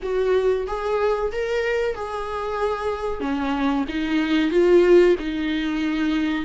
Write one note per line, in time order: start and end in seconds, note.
0.02 0.66 F#4
0.67 1.31 G#4
1.32 1.95 A#4
1.95 3.20 G#4
3.20 3.84 C#4
3.88 4.50 D#4
4.50 5.15 F4
5.19 6.45 D#4